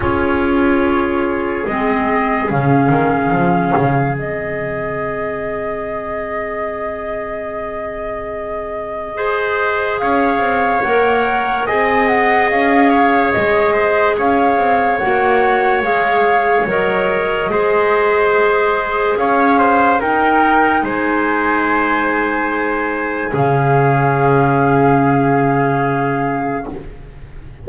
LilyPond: <<
  \new Staff \with { instrumentName = "flute" } { \time 4/4 \tempo 4 = 72 cis''2 dis''4 f''4~ | f''4 dis''2.~ | dis''1 | f''4 fis''4 gis''8 fis''8 f''4 |
dis''4 f''4 fis''4 f''4 | dis''2. f''4 | g''4 gis''2. | f''1 | }
  \new Staff \with { instrumentName = "trumpet" } { \time 4/4 gis'1~ | gis'1~ | gis'2. c''4 | cis''2 dis''4. cis''8~ |
cis''8 c''8 cis''2.~ | cis''4 c''2 cis''8 c''8 | ais'4 c''2. | gis'1 | }
  \new Staff \with { instrumentName = "clarinet" } { \time 4/4 f'2 c'4 cis'4~ | cis'4 c'2.~ | c'2. gis'4~ | gis'4 ais'4 gis'2~ |
gis'2 fis'4 gis'4 | ais'4 gis'2. | dis'1 | cis'1 | }
  \new Staff \with { instrumentName = "double bass" } { \time 4/4 cis'2 gis4 cis8 dis8 | f8 cis8 gis2.~ | gis1 | cis'8 c'8 ais4 c'4 cis'4 |
gis4 cis'8 c'8 ais4 gis4 | fis4 gis2 cis'4 | dis'4 gis2. | cis1 | }
>>